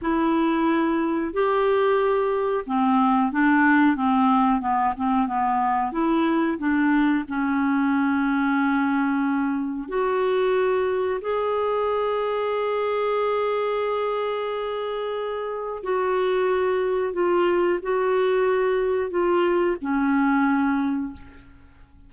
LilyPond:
\new Staff \with { instrumentName = "clarinet" } { \time 4/4 \tempo 4 = 91 e'2 g'2 | c'4 d'4 c'4 b8 c'8 | b4 e'4 d'4 cis'4~ | cis'2. fis'4~ |
fis'4 gis'2.~ | gis'1 | fis'2 f'4 fis'4~ | fis'4 f'4 cis'2 | }